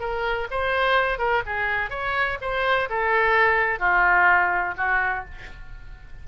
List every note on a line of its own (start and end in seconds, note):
0.00 0.48 A#4
0.51 1.19 C5
1.19 1.43 A#4
1.46 1.90 G#4
1.90 2.38 C#5
2.41 2.89 C5
2.90 3.79 A4
3.79 4.75 F4
4.77 5.25 F#4